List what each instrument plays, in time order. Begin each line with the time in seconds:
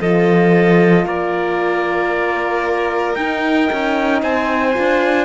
0.00 cello F3, horn F4, violin A4, trumpet D#5
1.05 cello A#3, violin A#4, trumpet D5
3.15 cello D#4, horn D#4, trumpet G5
3.72 cello C#4
4.22 cello C4, violin C5, trumpet G#5
4.74 cello D4, horn F4